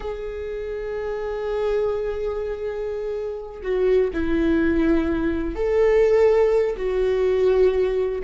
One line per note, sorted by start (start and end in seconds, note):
0.00 3.62 G#4
3.62 4.11 F#4
4.13 5.55 E4
5.55 6.76 A4
6.76 8.21 F#4